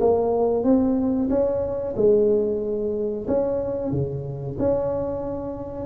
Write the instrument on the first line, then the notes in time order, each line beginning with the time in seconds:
tuba
0.00 A#3
0.63 C4
1.29 C#4
1.96 G#3
3.27 C#4
3.91 C#3
4.58 C#4